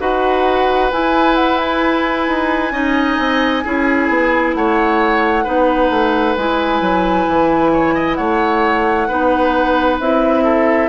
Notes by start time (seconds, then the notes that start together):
0.00 D#4 F#4 B4 F#5
0.91 E4 G#5
1.35 F#5
1.58 G#5
2.28 D#4
2.71 C#4 D#4 D#5
3.18 C4
3.64 C#4 E4 G#4
4.09 B3
4.54 A3 C#5 F#5
5.44 B3 D#4 B4
5.90 A3
6.36 G#3 E4 G#5
6.81 F#3
7.28 E3
7.73 C#5
7.94 D#5
8.15 A3 C#5 F#5
9.08 B3 D#4 B4
9.99 C4 E4 E5
10.44 A4